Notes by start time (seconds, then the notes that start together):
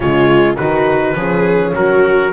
0.00 C#3 G#3 F4 C#5
0.56 D#3 D#4 F#4 B4
1.15 F3 C#4 G#4
1.74 F#3 F#4 A#4